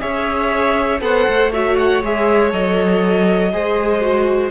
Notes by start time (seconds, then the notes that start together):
0.00 C#4 G#4 C#5 E5
1.01 B3 A4 C5 F#5
1.29 A3
1.52 F#4 C#5 E5
1.78 F#5
2.03 G#3 G#4 E5
2.52 F#3 A4 D#5
3.53 G#3 G#4 C5
4.01 F#4